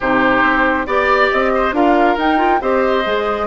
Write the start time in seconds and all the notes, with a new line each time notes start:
0.00 C3 D#4 G4 C5
0.42 C4
0.86 B3 G4 D5
1.30 C4 D#5
1.54 C5
1.72 D4 F4 A#4 F5
2.16 D#4 G5
2.37 F4
2.61 C4 G4 C5 D#5
3.05 G#3 G#4